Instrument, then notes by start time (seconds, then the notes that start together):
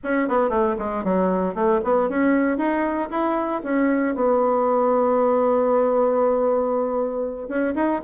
bassoon
0.03 C#4
0.28 B3
0.49 A3
0.78 G#3
1.04 F#3
1.54 A3
1.83 B3
2.09 C#4
2.57 D#4
3.10 E4
3.63 C#4
4.15 B3
7.48 C#4
7.75 D#4